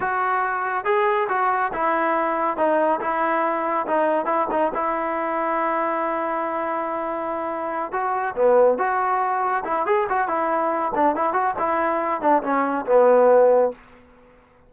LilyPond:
\new Staff \with { instrumentName = "trombone" } { \time 4/4 \tempo 4 = 140 fis'2 gis'4 fis'4 | e'2 dis'4 e'4~ | e'4 dis'4 e'8 dis'8 e'4~ | e'1~ |
e'2~ e'8 fis'4 b8~ | b8 fis'2 e'8 gis'8 fis'8 | e'4. d'8 e'8 fis'8 e'4~ | e'8 d'8 cis'4 b2 | }